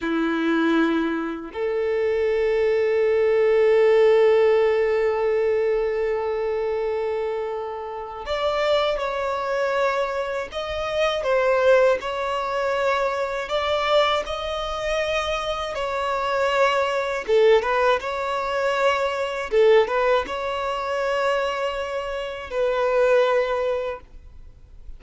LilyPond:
\new Staff \with { instrumentName = "violin" } { \time 4/4 \tempo 4 = 80 e'2 a'2~ | a'1~ | a'2. d''4 | cis''2 dis''4 c''4 |
cis''2 d''4 dis''4~ | dis''4 cis''2 a'8 b'8 | cis''2 a'8 b'8 cis''4~ | cis''2 b'2 | }